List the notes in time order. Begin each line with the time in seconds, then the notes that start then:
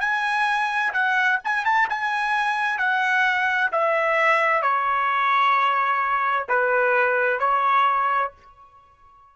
0.00 G#5
0.93 F#5
1.43 G#5
1.64 A5
1.89 G#5
2.78 F#5
3.71 E5
4.62 C#5
6.48 B4
7.39 C#5